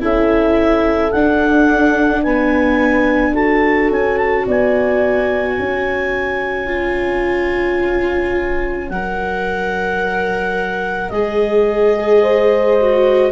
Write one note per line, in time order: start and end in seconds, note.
0.00 1.13 C#4
0.00 1.11 E4
0.00 2.24 A4
0.00 1.12 E5
1.12 3.91 D4
1.12 2.25 D4
1.12 2.23 F#5
2.23 3.35 B3
2.23 3.33 B4
2.23 3.34 G#5
3.33 6.67 F#4
3.33 4.44 A4
3.33 3.90 A5
3.91 4.46 C#4
3.91 4.17 G#5
4.17 4.45 A5
4.47 5.59 B3
4.47 5.57 D5
4.47 8.90 G#5
5.57 8.90 C#4
5.57 12.22 C#5
6.67 8.89 F4
8.90 11.11 F#3
8.90 11.13 A#4
8.90 11.10 F#5
11.10 13.32 G#3
11.10 12.80 G#4
11.10 13.32 D#5
12.22 13.32 C5
12.81 13.32 F#4